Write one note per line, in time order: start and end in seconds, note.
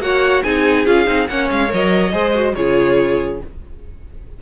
0.00 0.42 A#3
0.00 0.44 F#4
0.00 0.44 C#5
0.00 0.43 F#5
0.43 0.86 C4
0.43 0.86 D#4
0.43 1.28 G#4
0.43 0.85 G#5
0.86 1.07 C#4
0.86 1.06 F4
0.86 1.28 F5
1.06 1.28 C4
1.06 1.27 D#4
1.28 1.50 A#3
1.28 1.68 C#4
1.28 2.13 C#5
1.28 1.49 F#5
1.51 1.72 G#3
1.51 1.72 F5
1.68 2.13 F#3
1.68 2.10 A#4
1.68 2.55 D#5
2.12 2.55 G#3
2.12 2.33 G#4
2.12 2.55 C5
2.34 2.55 F#4
2.55 3.41 C#3
2.55 3.42 F4
2.55 3.42 G#4
2.55 3.39 C#5